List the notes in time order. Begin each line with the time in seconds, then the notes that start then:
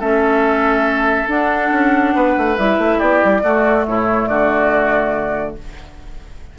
0.00 A3 C#4 A4 E5
1.28 D4 F#5
1.72 C#4
2.15 B3 B4
2.38 A3
2.57 G3 E4 E5
2.78 A3
2.98 B3 G4 D5
3.24 G3
3.44 A3 F#4
3.88 A2 E4 C#5
4.27 D3 F#4 D5